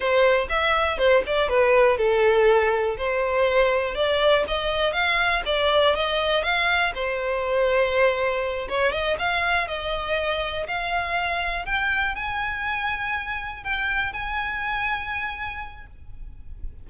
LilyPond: \new Staff \with { instrumentName = "violin" } { \time 4/4 \tempo 4 = 121 c''4 e''4 c''8 d''8 b'4 | a'2 c''2 | d''4 dis''4 f''4 d''4 | dis''4 f''4 c''2~ |
c''4. cis''8 dis''8 f''4 dis''8~ | dis''4. f''2 g''8~ | g''8 gis''2. g''8~ | g''8 gis''2.~ gis''8 | }